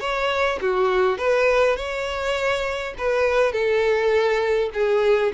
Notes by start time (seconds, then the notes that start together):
0.00 C#5
0.61 F#4
1.18 B4
1.76 C#5
2.98 B4
3.52 A4
4.74 G#4